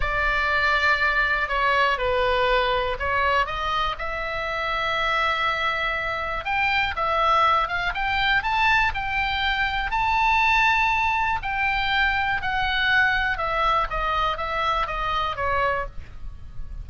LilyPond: \new Staff \with { instrumentName = "oboe" } { \time 4/4 \tempo 4 = 121 d''2. cis''4 | b'2 cis''4 dis''4 | e''1~ | e''4 g''4 e''4. f''8 |
g''4 a''4 g''2 | a''2. g''4~ | g''4 fis''2 e''4 | dis''4 e''4 dis''4 cis''4 | }